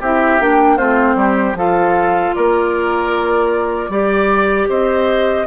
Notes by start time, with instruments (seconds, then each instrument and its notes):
0.00 bassoon C4, clarinet E4, oboe G4, flute E5
0.40 bassoon A#3, clarinet D4, flute G5
0.76 bassoon A3, clarinet C4, oboe F4, flute C5
1.15 bassoon G3, oboe G4
1.54 bassoon F3, clarinet F4, oboe A4, flute F5
2.35 bassoon A#3, oboe A#4, flute D5
3.89 bassoon G3, clarinet G4, oboe D5
4.69 bassoon C4, oboe C5, flute D#5